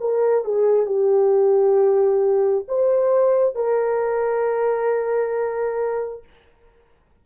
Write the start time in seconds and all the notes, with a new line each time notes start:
0.00 A#4
0.44 G#4
0.86 G4
2.68 C5
3.55 A#4